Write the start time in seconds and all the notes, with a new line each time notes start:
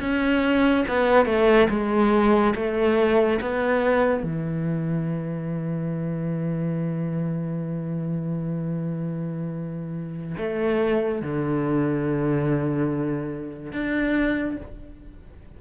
0.00 C#4
0.88 B3
1.26 A3
1.69 G#3
2.55 A3
3.41 B3
4.23 E3
10.37 A3
11.21 D3
13.72 D4